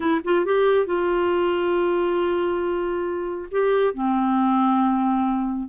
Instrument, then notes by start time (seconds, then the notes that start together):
clarinet
0.00 E4
0.24 F4
0.45 G4
0.86 F4
3.51 G4
3.93 C4